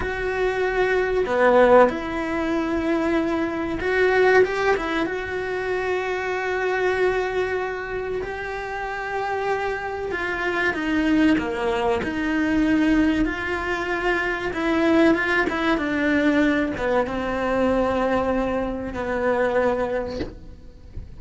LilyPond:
\new Staff \with { instrumentName = "cello" } { \time 4/4 \tempo 4 = 95 fis'2 b4 e'4~ | e'2 fis'4 g'8 e'8 | fis'1~ | fis'4 g'2. |
f'4 dis'4 ais4 dis'4~ | dis'4 f'2 e'4 | f'8 e'8 d'4. b8 c'4~ | c'2 b2 | }